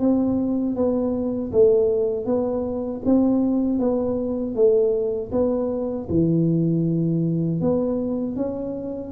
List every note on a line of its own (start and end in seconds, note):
0.00 0.76 C4
0.76 1.52 B3
1.52 2.26 A3
2.26 3.02 B3
3.06 3.79 C4
3.79 4.55 B3
4.56 5.32 A3
5.32 6.08 B3
6.09 7.61 E3
7.61 8.36 B3
8.36 9.12 C#4